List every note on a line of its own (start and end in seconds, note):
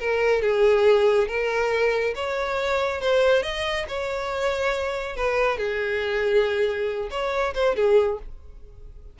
0.00 0.42 A#4
0.42 1.28 G#4
1.28 2.14 A#4
2.15 3.01 C#5
3.01 3.43 C5
3.43 3.86 D#5
3.88 5.16 C#5
5.16 5.58 B4
5.58 7.09 G#4
7.11 7.54 C#5
7.54 7.76 C5
7.76 8.19 G#4